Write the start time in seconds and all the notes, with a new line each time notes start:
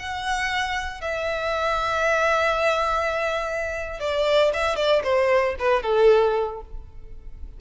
0.00 F#5
1.02 E5
4.00 D5
4.54 E5
4.76 D5
5.04 C5
5.59 B4
5.83 A4